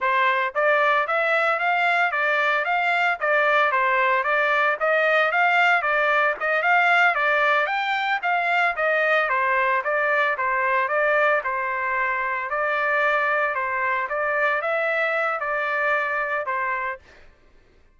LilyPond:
\new Staff \with { instrumentName = "trumpet" } { \time 4/4 \tempo 4 = 113 c''4 d''4 e''4 f''4 | d''4 f''4 d''4 c''4 | d''4 dis''4 f''4 d''4 | dis''8 f''4 d''4 g''4 f''8~ |
f''8 dis''4 c''4 d''4 c''8~ | c''8 d''4 c''2 d''8~ | d''4. c''4 d''4 e''8~ | e''4 d''2 c''4 | }